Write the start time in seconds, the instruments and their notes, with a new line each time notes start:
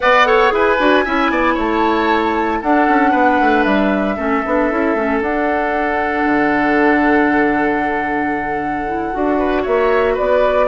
0.00 bassoon B3, clarinet B4, oboe D5, flute F#5
0.26 clarinet A4, oboe C#5
0.49 bassoon E4, clarinet G#4, oboe B4, flute G#5
0.78 bassoon D4, clarinet F#4
1.04 bassoon C#4, clarinet E4, oboe E5
1.29 bassoon B3, oboe D5
1.54 bassoon A3, oboe C#5, flute A5
2.61 bassoon D4, clarinet D4, oboe A4, flute F#5
2.87 bassoon C#4
3.11 bassoon B3, oboe B4
3.40 bassoon A3
3.63 bassoon G3, flute E5
4.16 bassoon A3, clarinet C#4, oboe A4
4.45 bassoon B3, clarinet D4
4.71 bassoon C#4, clarinet E4
4.94 bassoon A3, clarinet C#4
5.20 bassoon D4, clarinet D4, flute F#5
6.24 bassoon D3
8.87 clarinet E4
9.13 bassoon D4, clarinet F#4
9.38 oboe B4
9.62 bassoon A#3, oboe C#5, flute E5
10.13 bassoon B3, oboe B4, flute D5